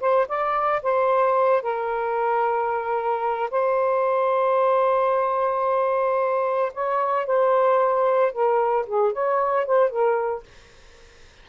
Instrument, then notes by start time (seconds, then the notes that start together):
saxophone
0.00 C5
0.28 D5
0.82 C5
1.62 A#4
3.50 C5
6.74 C#5
7.26 C5
8.32 A#4
8.86 G#4
9.12 C#5
9.66 C5
9.89 A#4